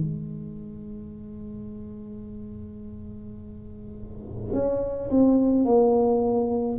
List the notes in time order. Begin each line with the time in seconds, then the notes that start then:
0.00 G#3
4.53 C#4
5.09 C4
5.64 A#3